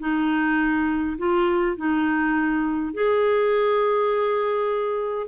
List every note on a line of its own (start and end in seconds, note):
0.00 1.18 D#4
1.18 1.77 F4
1.77 2.94 D#4
2.94 5.28 G#4